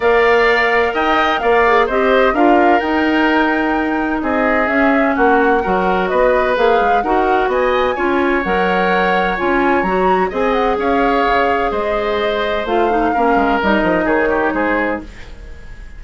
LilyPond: <<
  \new Staff \with { instrumentName = "flute" } { \time 4/4 \tempo 4 = 128 f''2 g''4 f''4 | dis''4 f''4 g''2~ | g''4 dis''4 e''4 fis''4~ | fis''4 dis''4 f''4 fis''4 |
gis''2 fis''2 | gis''4 ais''4 gis''8 fis''8 f''4~ | f''4 dis''2 f''4~ | f''4 dis''4 cis''4 c''4 | }
  \new Staff \with { instrumentName = "oboe" } { \time 4/4 d''2 dis''4 d''4 | c''4 ais'2.~ | ais'4 gis'2 fis'4 | ais'4 b'2 ais'4 |
dis''4 cis''2.~ | cis''2 dis''4 cis''4~ | cis''4 c''2. | ais'2 gis'8 g'8 gis'4 | }
  \new Staff \with { instrumentName = "clarinet" } { \time 4/4 ais'2.~ ais'8 gis'8 | g'4 f'4 dis'2~ | dis'2 cis'2 | fis'2 gis'4 fis'4~ |
fis'4 f'4 ais'2 | f'4 fis'4 gis'2~ | gis'2. f'8 dis'8 | cis'4 dis'2. | }
  \new Staff \with { instrumentName = "bassoon" } { \time 4/4 ais2 dis'4 ais4 | c'4 d'4 dis'2~ | dis'4 c'4 cis'4 ais4 | fis4 b4 ais8 gis8 dis'4 |
b4 cis'4 fis2 | cis'4 fis4 c'4 cis'4 | cis4 gis2 a4 | ais8 gis8 g8 f8 dis4 gis4 | }
>>